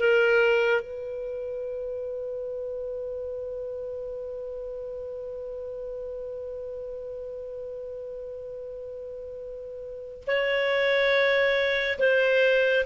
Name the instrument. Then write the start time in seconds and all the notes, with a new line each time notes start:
clarinet
0.00 A#4
0.81 B4
10.28 C#5
12.00 C5